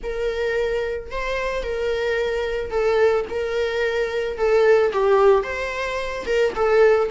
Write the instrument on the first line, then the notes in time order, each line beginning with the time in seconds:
viola
0.03 A#4
1.11 C5
1.63 A#4
2.70 A4
3.29 A#4
4.37 A4
4.92 G4
5.43 C5
6.26 A#4
6.55 A4